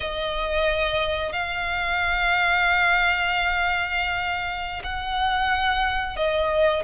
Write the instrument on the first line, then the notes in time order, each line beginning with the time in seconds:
violin
0.00 D#5
1.32 F5
4.83 F#5
6.16 D#5